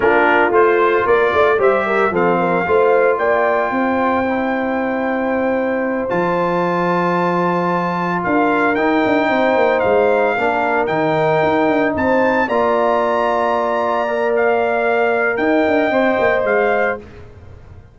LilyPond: <<
  \new Staff \with { instrumentName = "trumpet" } { \time 4/4 \tempo 4 = 113 ais'4 c''4 d''4 e''4 | f''2 g''2~ | g''2.~ g''8 a''8~ | a''2.~ a''8 f''8~ |
f''8 g''2 f''4.~ | f''8 g''2 a''4 ais''8~ | ais''2. f''4~ | f''4 g''2 f''4 | }
  \new Staff \with { instrumentName = "horn" } { \time 4/4 f'2 ais'8 d''8 c''8 ais'8 | a'8 ais'8 c''4 d''4 c''4~ | c''1~ | c''2.~ c''8 ais'8~ |
ais'4. c''2 ais'8~ | ais'2~ ais'8 c''4 d''8~ | d''1~ | d''4 dis''2. | }
  \new Staff \with { instrumentName = "trombone" } { \time 4/4 d'4 f'2 g'4 | c'4 f'2. | e'2.~ e'8 f'8~ | f'1~ |
f'8 dis'2. d'8~ | d'8 dis'2. f'8~ | f'2~ f'8 ais'4.~ | ais'2 c''2 | }
  \new Staff \with { instrumentName = "tuba" } { \time 4/4 ais4 a4 ais8 a8 g4 | f4 a4 ais4 c'4~ | c'2.~ c'8 f8~ | f2.~ f8 d'8~ |
d'8 dis'8 d'8 c'8 ais8 gis4 ais8~ | ais8 dis4 dis'8 d'8 c'4 ais8~ | ais1~ | ais4 dis'8 d'8 c'8 ais8 gis4 | }
>>